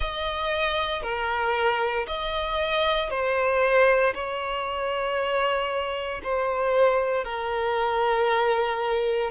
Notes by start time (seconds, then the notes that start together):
0.00 D#5
1.02 A#4
2.07 D#5
3.10 C5
4.14 C#5
6.23 C5
7.24 A#4